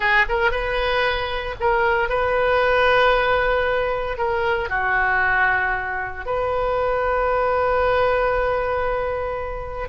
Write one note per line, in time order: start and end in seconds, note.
0.00 0.25 G#4
0.28 0.51 A#4
0.51 1.55 B4
1.59 2.09 A#4
2.09 4.17 B4
4.17 4.69 A#4
4.69 6.25 F#4
6.25 9.88 B4